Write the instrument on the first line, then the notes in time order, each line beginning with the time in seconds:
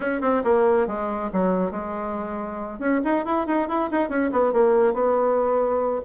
bassoon
0.00 C#4
0.21 C4
0.44 A#3
0.87 G#3
1.32 F#3
1.71 G#3
2.79 C#4
3.04 D#4
3.25 E4
3.46 D#4
3.68 E4
3.91 D#4
4.09 C#4
4.31 B3
4.52 A#3
4.93 B3